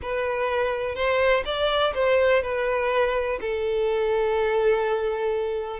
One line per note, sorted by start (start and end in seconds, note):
0.02 0.95 B4
0.95 1.43 C5
1.45 1.93 D5
1.94 2.42 C5
2.42 3.39 B4
3.40 5.79 A4